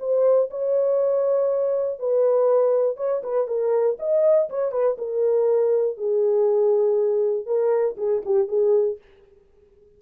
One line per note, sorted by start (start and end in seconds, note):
0.00 0.50 C5
0.51 2.00 C#5
2.00 2.97 B4
2.97 3.22 C#5
3.24 3.48 B4
3.48 3.98 A#4
4.00 4.50 D#5
4.50 4.72 C#5
4.72 4.97 B4
4.98 5.98 A#4
5.98 7.46 G#4
7.46 7.96 A#4
7.98 8.23 G#4
8.25 8.49 G4
8.49 8.99 G#4